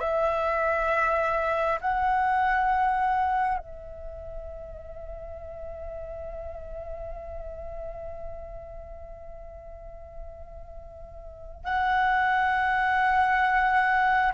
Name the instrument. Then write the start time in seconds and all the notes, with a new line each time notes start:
flute
0.00 E5
1.81 F#5
3.59 E5
11.64 F#5